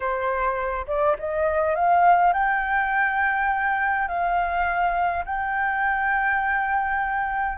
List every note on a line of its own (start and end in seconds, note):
0.00 0.86 C5
0.87 1.16 D5
1.18 1.75 D#5
1.75 2.33 F5
2.33 4.08 G5
4.08 5.24 F5
5.25 7.57 G5